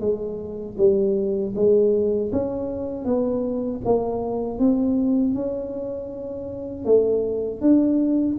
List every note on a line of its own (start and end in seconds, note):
0.00 0.76 G#3
0.78 1.54 G3
1.55 2.31 G#3
2.32 3.05 C#4
3.05 3.81 B3
3.85 4.59 A#3
4.59 5.34 C4
5.34 6.85 C#4
6.85 7.61 A3
7.61 8.37 D4